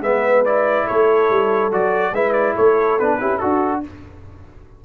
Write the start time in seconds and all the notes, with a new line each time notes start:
0.00 G#3 B3 B4 E5
0.45 E4 D5
0.86 A3 A4 C#5
1.30 G3
1.71 F#3 F#4 D5
2.12 G#3 E4 B4 E5
2.32 D5
2.55 A3 A4 C#5
2.99 B3 D4 B4
3.20 C#4 E4 G4
3.38 D4 F#4 A4